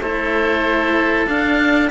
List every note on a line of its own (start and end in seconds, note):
0.00 1.26 A3
0.00 1.27 E4
0.00 1.91 A4
0.00 1.27 C5
1.27 1.90 D4
1.27 1.91 D4
1.27 1.91 F5